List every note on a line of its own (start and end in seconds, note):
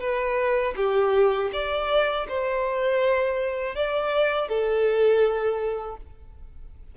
0.00 0.74 B4
0.76 1.50 G4
1.53 2.27 D5
2.28 3.75 C5
3.75 4.48 D5
4.48 5.96 A4